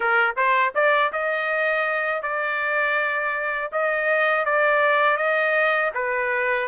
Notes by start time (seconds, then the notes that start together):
0.00 A#4
0.36 C5
0.74 D5
1.12 D#5
2.22 D5
3.71 D#5
4.45 D5
5.17 D#5
5.94 B4